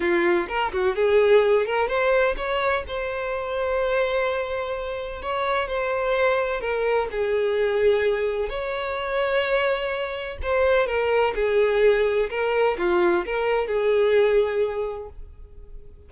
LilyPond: \new Staff \with { instrumentName = "violin" } { \time 4/4 \tempo 4 = 127 f'4 ais'8 fis'8 gis'4. ais'8 | c''4 cis''4 c''2~ | c''2. cis''4 | c''2 ais'4 gis'4~ |
gis'2 cis''2~ | cis''2 c''4 ais'4 | gis'2 ais'4 f'4 | ais'4 gis'2. | }